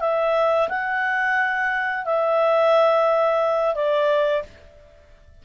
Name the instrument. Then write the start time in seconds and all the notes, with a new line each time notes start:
clarinet
0.00 E5
0.69 F#5
2.05 E5
3.74 D5